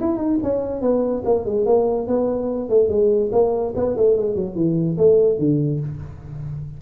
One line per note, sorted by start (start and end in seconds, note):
0.00 0.17 E4
0.17 0.38 D#4
0.43 0.81 C#4
0.81 1.23 B3
1.25 1.45 A#3
1.45 1.66 G#3
1.66 2.07 A#3
2.07 2.69 B3
2.69 2.89 A3
2.89 3.30 G#3
3.32 3.73 A#3
3.75 3.96 B3
3.97 4.17 A3
4.17 4.35 G#3
4.35 4.55 F#3
4.55 4.97 E3
4.98 5.38 A3
5.38 5.80 D3